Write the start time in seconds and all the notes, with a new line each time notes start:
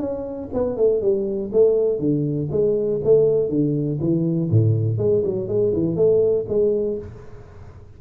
0.00 C#4
0.54 B3
0.77 A3
1.02 G3
1.53 A3
2.00 D3
2.52 G#3
3.05 A3
3.50 D3
4.01 E3
4.51 A2
4.98 G#3
5.25 F#3
5.48 G#3
5.74 E3
5.96 A3
6.49 G#3